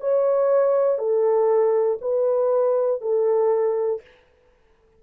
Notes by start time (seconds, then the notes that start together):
0.00 C#5
0.98 A4
2.00 B4
3.01 A4